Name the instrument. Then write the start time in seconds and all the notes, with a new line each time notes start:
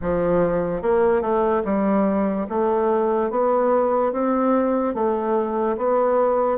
bassoon
0.01 F3
0.82 A#3
1.21 A3
1.64 G3
2.49 A3
3.30 B3
4.12 C4
4.94 A3
5.77 B3